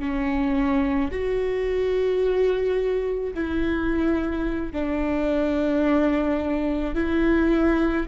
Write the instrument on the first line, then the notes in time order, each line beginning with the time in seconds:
viola
0.00 C#4
1.12 F#4
3.34 E4
4.73 D4
6.95 E4